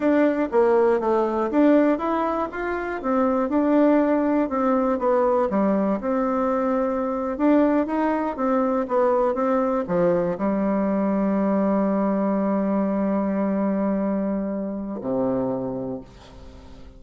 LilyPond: \new Staff \with { instrumentName = "bassoon" } { \time 4/4 \tempo 4 = 120 d'4 ais4 a4 d'4 | e'4 f'4 c'4 d'4~ | d'4 c'4 b4 g4 | c'2~ c'8. d'4 dis'16~ |
dis'8. c'4 b4 c'4 f16~ | f8. g2.~ g16~ | g1~ | g2 c2 | }